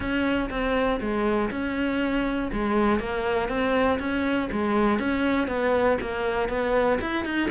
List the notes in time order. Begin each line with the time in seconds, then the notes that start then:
0.00 C#4
0.50 C4
1.00 G#3
1.50 C#4
2.52 G#3
2.99 A#3
3.49 C4
3.99 C#4
4.51 G#3
4.99 C#4
5.47 B3
6.01 A#3
6.48 B3
7.00 E4
7.25 D#4